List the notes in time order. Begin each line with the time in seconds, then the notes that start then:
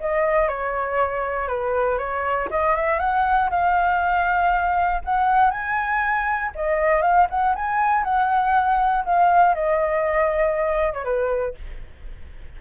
0.00 D#5
0.48 C#5
1.48 B4
1.98 C#5
2.50 D#5
2.76 E5
2.99 F#5
3.50 F5
5.05 F#5
5.51 G#5
6.55 D#5
7.02 F5
7.30 F#5
7.55 G#5
8.04 F#5
9.05 F5
9.55 D#5
10.93 C#5
11.04 B4